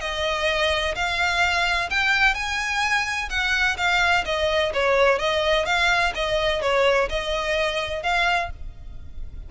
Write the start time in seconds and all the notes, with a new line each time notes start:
0.00 D#5
0.95 F5
1.90 G5
2.34 G#5
3.29 F#5
3.77 F5
4.25 D#5
4.73 C#5
5.18 D#5
5.65 F5
6.15 D#5
6.61 C#5
7.09 D#5
8.03 F5